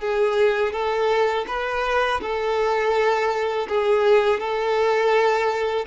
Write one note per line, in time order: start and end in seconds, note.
0.00 0.72 G#4
0.72 1.45 A4
1.47 2.21 B4
2.21 3.68 A4
3.69 4.39 G#4
4.39 5.86 A4